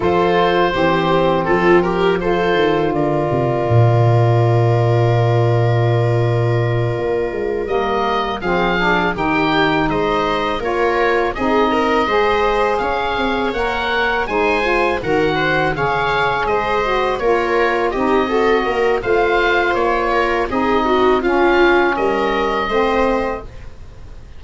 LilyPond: <<
  \new Staff \with { instrumentName = "oboe" } { \time 4/4 \tempo 4 = 82 c''2 a'8 ais'8 c''4 | d''1~ | d''2~ d''8 dis''4 f''8~ | f''8 g''4 dis''4 cis''4 dis''8~ |
dis''4. f''4 fis''4 gis''8~ | gis''8 fis''4 f''4 dis''4 cis''8~ | cis''8 dis''4. f''4 cis''4 | dis''4 f''4 dis''2 | }
  \new Staff \with { instrumentName = "viola" } { \time 4/4 a'4 g'4 f'8 g'8 a'4 | ais'1~ | ais'2.~ ais'8 gis'8~ | gis'8 g'4 c''4 ais'4 gis'8 |
ais'8 c''4 cis''2 c''8~ | c''8 ais'8 c''8 cis''4 c''4 ais'8~ | ais'8 g'8 a'8 ais'8 c''4. ais'8 | gis'8 fis'8 f'4 ais'4 c''4 | }
  \new Staff \with { instrumentName = "saxophone" } { \time 4/4 f'4 c'2 f'4~ | f'1~ | f'2~ f'8 ais4 c'8 | d'8 dis'2 f'4 dis'8~ |
dis'8 gis'2 ais'4 dis'8 | f'8 fis'4 gis'4. fis'8 f'8~ | f'8 dis'8 fis'4 f'2 | dis'4 cis'2 c'4 | }
  \new Staff \with { instrumentName = "tuba" } { \time 4/4 f4 e4 f4. dis8 | d8 c8 ais,2.~ | ais,4. ais8 gis8 g4 f8~ | f8 dis4 gis4 ais4 c'8~ |
c'8 gis4 cis'8 c'8 ais4 gis8~ | gis8 dis4 cis4 gis4 ais8~ | ais8 c'4 ais8 a4 ais4 | c'4 cis'4 g4 a4 | }
>>